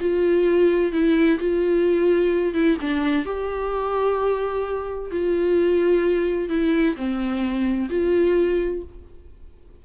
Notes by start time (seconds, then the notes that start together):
0.00 F4
0.92 E4
1.39 F4
2.53 E4
2.81 D4
3.25 G4
5.10 F4
6.49 E4
6.96 C4
7.89 F4